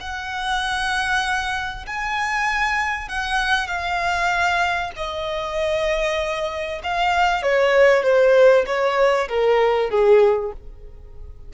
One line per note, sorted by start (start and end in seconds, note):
0.00 1.86 F#5
1.86 3.08 G#5
3.08 3.67 F#5
3.67 4.91 F5
4.96 6.81 D#5
6.83 7.42 F5
7.42 8.03 C#5
8.03 8.65 C5
8.66 9.28 C#5
9.28 9.90 A#4
9.90 10.52 G#4